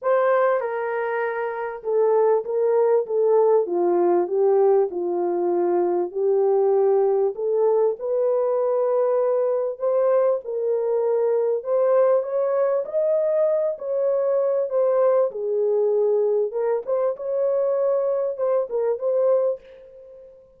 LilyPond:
\new Staff \with { instrumentName = "horn" } { \time 4/4 \tempo 4 = 98 c''4 ais'2 a'4 | ais'4 a'4 f'4 g'4 | f'2 g'2 | a'4 b'2. |
c''4 ais'2 c''4 | cis''4 dis''4. cis''4. | c''4 gis'2 ais'8 c''8 | cis''2 c''8 ais'8 c''4 | }